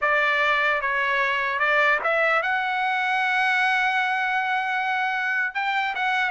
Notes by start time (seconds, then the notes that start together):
0.01 D5
0.81 C#5
1.59 D5
2.03 E5
2.42 F#5
5.54 G5
5.95 F#5